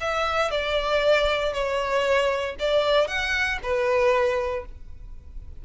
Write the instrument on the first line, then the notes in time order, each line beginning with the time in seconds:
violin
0.00 E5
0.51 D5
1.53 C#5
2.59 D5
3.07 F#5
3.62 B4